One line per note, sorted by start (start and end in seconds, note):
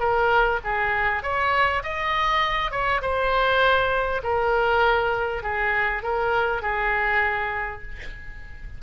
0.00 0.60 A#4
0.64 1.23 G#4
1.23 1.83 C#5
1.83 2.71 D#5
2.71 3.01 C#5
3.02 4.22 C5
4.24 5.43 A#4
5.43 6.03 G#4
6.03 6.62 A#4
6.62 7.82 G#4